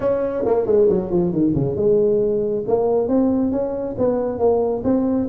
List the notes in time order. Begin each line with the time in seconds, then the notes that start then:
0.00 C#4
0.45 A#3
0.66 G#3
0.89 F#3
1.10 F3
1.32 D#3
1.54 C#3
1.76 G#3
2.67 A#3
3.08 C4
3.51 C#4
3.97 B3
4.38 A#3
4.84 C4